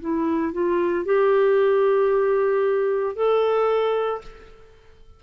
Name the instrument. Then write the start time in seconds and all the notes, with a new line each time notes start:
clarinet
0.00 E4
0.52 F4
1.05 G4
3.15 A4